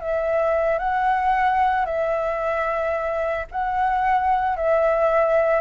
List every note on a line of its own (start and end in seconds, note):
0.00 0.78 E5
0.78 1.85 F#5
1.85 3.46 E5
3.51 4.57 F#5
4.57 5.61 E5